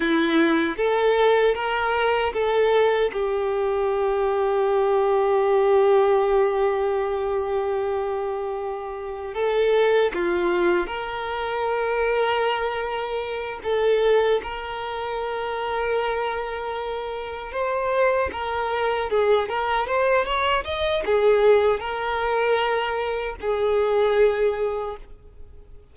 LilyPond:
\new Staff \with { instrumentName = "violin" } { \time 4/4 \tempo 4 = 77 e'4 a'4 ais'4 a'4 | g'1~ | g'1 | a'4 f'4 ais'2~ |
ais'4. a'4 ais'4.~ | ais'2~ ais'8 c''4 ais'8~ | ais'8 gis'8 ais'8 c''8 cis''8 dis''8 gis'4 | ais'2 gis'2 | }